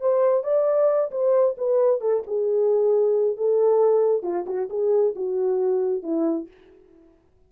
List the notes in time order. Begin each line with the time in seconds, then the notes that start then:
0.00 C5
0.43 D5
1.11 C5
1.57 B4
2.00 A4
2.26 G#4
3.36 A4
4.23 F4
4.46 F#4
4.69 G#4
5.15 F#4
6.02 E4